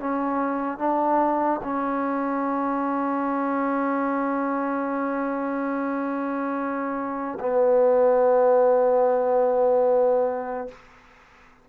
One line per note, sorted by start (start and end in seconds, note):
0.00 0.78 C#4
0.78 1.61 D4
1.64 7.39 C#4
7.40 10.68 B3